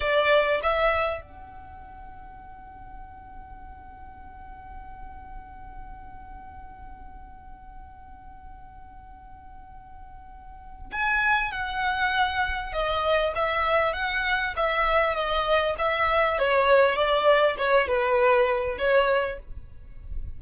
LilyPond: \new Staff \with { instrumentName = "violin" } { \time 4/4 \tempo 4 = 99 d''4 e''4 fis''2~ | fis''1~ | fis''1~ | fis''1~ |
fis''2 gis''4 fis''4~ | fis''4 dis''4 e''4 fis''4 | e''4 dis''4 e''4 cis''4 | d''4 cis''8 b'4. cis''4 | }